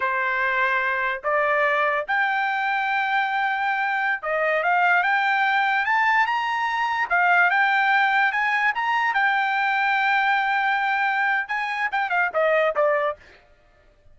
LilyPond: \new Staff \with { instrumentName = "trumpet" } { \time 4/4 \tempo 4 = 146 c''2. d''4~ | d''4 g''2.~ | g''2~ g''16 dis''4 f''8.~ | f''16 g''2 a''4 ais''8.~ |
ais''4~ ais''16 f''4 g''4.~ g''16~ | g''16 gis''4 ais''4 g''4.~ g''16~ | g''1 | gis''4 g''8 f''8 dis''4 d''4 | }